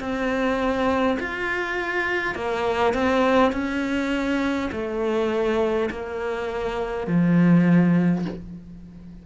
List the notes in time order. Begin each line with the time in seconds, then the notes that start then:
0.00 C4
1.19 F4
2.35 A#3
2.94 C4
3.52 C#4
4.72 A3
5.91 A#3
7.07 F3